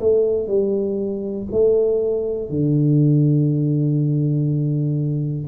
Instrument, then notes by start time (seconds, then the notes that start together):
tuba
0.00 A3
0.48 G3
1.51 A3
2.50 D3